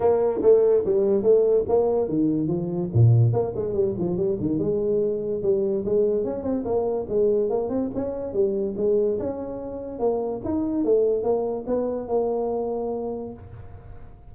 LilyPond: \new Staff \with { instrumentName = "tuba" } { \time 4/4 \tempo 4 = 144 ais4 a4 g4 a4 | ais4 dis4 f4 ais,4 | ais8 gis8 g8 f8 g8 dis8 gis4~ | gis4 g4 gis4 cis'8 c'8 |
ais4 gis4 ais8 c'8 cis'4 | g4 gis4 cis'2 | ais4 dis'4 a4 ais4 | b4 ais2. | }